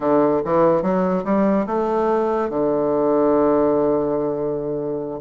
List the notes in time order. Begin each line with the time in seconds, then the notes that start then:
0.00 D3
0.44 E3
0.82 F#3
1.24 G3
1.66 A3
2.49 D3